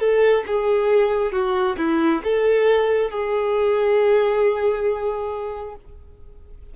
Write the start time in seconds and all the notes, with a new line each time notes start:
0.00 A4
0.47 G#4
1.32 F#4
1.78 E4
2.24 A4
3.11 G#4